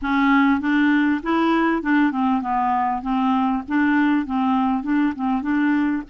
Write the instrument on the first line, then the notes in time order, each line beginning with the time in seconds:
clarinet
0.02 C#4
0.60 D4
1.22 E4
1.82 D4
2.11 C4
2.41 B3
3.02 C4
3.68 D4
4.26 C4
4.83 D4
5.15 C4
5.42 D4